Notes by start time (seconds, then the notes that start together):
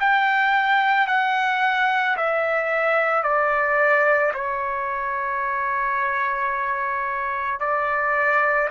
0.00 G5
1.08 F#5
2.17 E5
3.24 D5
4.34 C#5
7.60 D5